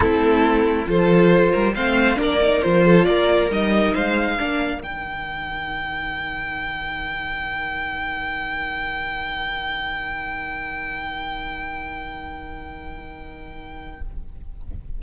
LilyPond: <<
  \new Staff \with { instrumentName = "violin" } { \time 4/4 \tempo 4 = 137 a'2 c''2 | f''4 d''4 c''4 d''4 | dis''4 f''2 g''4~ | g''1~ |
g''1~ | g''1~ | g''1~ | g''1 | }
  \new Staff \with { instrumentName = "violin" } { \time 4/4 e'2 a'4. ais'8 | c''4 ais'4. a'8 ais'4~ | ais'4 c''4 ais'2~ | ais'1~ |
ais'1~ | ais'1~ | ais'1~ | ais'1 | }
  \new Staff \with { instrumentName = "viola" } { \time 4/4 c'2 f'2 | c'4 d'8 dis'8 f'2 | dis'2 d'4 dis'4~ | dis'1~ |
dis'1~ | dis'1~ | dis'1~ | dis'1 | }
  \new Staff \with { instrumentName = "cello" } { \time 4/4 a2 f4. g8 | a4 ais4 f4 ais4 | g4 gis4 ais4 dis4~ | dis1~ |
dis1~ | dis1~ | dis1~ | dis1 | }
>>